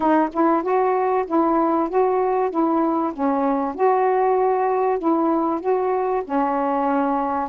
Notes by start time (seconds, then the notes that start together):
0.00 D#4
0.32 E4
0.62 F#4
1.26 E4
1.89 F#4
2.50 E4
3.13 C#4
3.74 F#4
4.98 E4
5.60 F#4
6.24 C#4